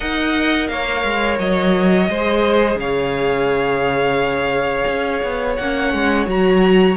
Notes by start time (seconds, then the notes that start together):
0.00 D#4 A#4 D#5 F#5
0.68 A#3 C#5 F5
1.04 G#3
1.39 F#3 D#5
2.08 G#3 G#4 C5
2.75 C#3 C#5 F5
4.87 C#4
5.23 B3
5.55 A#3 C#4 F#5
5.93 G#3
6.26 F#3 F#4 A#5